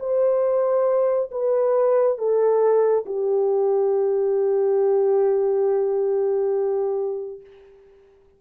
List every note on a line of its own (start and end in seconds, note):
0.00 1.30 C5
1.32 2.18 B4
2.18 3.05 A4
3.06 7.41 G4